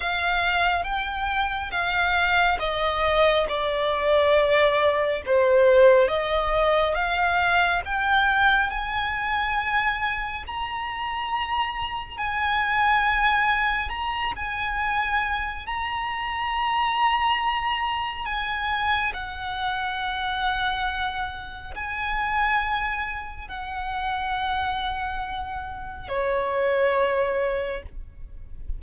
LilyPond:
\new Staff \with { instrumentName = "violin" } { \time 4/4 \tempo 4 = 69 f''4 g''4 f''4 dis''4 | d''2 c''4 dis''4 | f''4 g''4 gis''2 | ais''2 gis''2 |
ais''8 gis''4. ais''2~ | ais''4 gis''4 fis''2~ | fis''4 gis''2 fis''4~ | fis''2 cis''2 | }